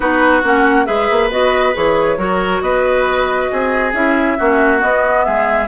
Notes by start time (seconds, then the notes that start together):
0.00 B3 D#4 F#4 B4
0.43 A#3 C#4 F#5
0.85 G#3 G#4 B4 E5
1.10 A#3
1.30 B3 F#4 D#5
1.73 E3 G#4 C#5
2.17 F#3 F#4 A#4
2.61 B3 B4 D#5
3.51 C4 G#4
3.93 C#4 E4 E5
4.38 A#3 C#4 F#4
4.78 B3 D#5
5.24 G#3 G#4 E5